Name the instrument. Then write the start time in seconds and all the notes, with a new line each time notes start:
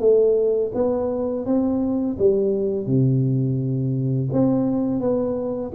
tuba
0.00 A3
0.74 B3
1.45 C4
2.19 G3
2.86 C3
4.32 C4
5.00 B3